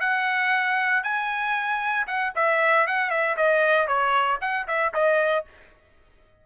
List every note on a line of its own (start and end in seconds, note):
0.00 1.03 F#5
1.03 2.06 G#5
2.07 2.33 F#5
2.35 2.87 E5
2.87 3.10 F#5
3.10 3.36 E5
3.36 3.87 D#5
3.87 4.39 C#5
4.41 4.67 F#5
4.67 4.93 E5
4.93 5.45 D#5